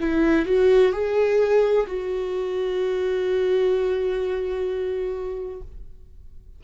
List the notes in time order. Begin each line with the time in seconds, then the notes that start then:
0.00 E4
0.46 F#4
0.92 G#4
1.87 F#4